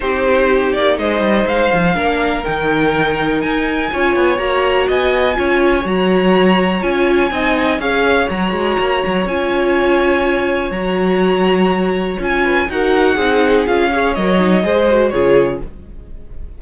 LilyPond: <<
  \new Staff \with { instrumentName = "violin" } { \time 4/4 \tempo 4 = 123 c''4. d''8 dis''4 f''4~ | f''4 g''2 gis''4~ | gis''4 ais''4 gis''2 | ais''2 gis''2 |
f''4 ais''2 gis''4~ | gis''2 ais''2~ | ais''4 gis''4 fis''2 | f''4 dis''2 cis''4 | }
  \new Staff \with { instrumentName = "violin" } { \time 4/4 g'2 c''2 | ais'1 | cis''2 dis''4 cis''4~ | cis''2. dis''4 |
cis''1~ | cis''1~ | cis''4. b'8 ais'4 gis'4~ | gis'8 cis''4. c''4 gis'4 | }
  \new Staff \with { instrumentName = "viola" } { \time 4/4 dis'1 | d'4 dis'2. | f'4 fis'2 f'4 | fis'2 f'4 dis'4 |
gis'4 fis'2 f'4~ | f'2 fis'2~ | fis'4 f'4 fis'4 dis'4 | f'8 gis'8 ais'8 dis'8 gis'8 fis'8 f'4 | }
  \new Staff \with { instrumentName = "cello" } { \time 4/4 c'4. ais8 gis8 g8 gis8 f8 | ais4 dis2 dis'4 | cis'8 b8 ais4 b4 cis'4 | fis2 cis'4 c'4 |
cis'4 fis8 gis8 ais8 fis8 cis'4~ | cis'2 fis2~ | fis4 cis'4 dis'4 c'4 | cis'4 fis4 gis4 cis4 | }
>>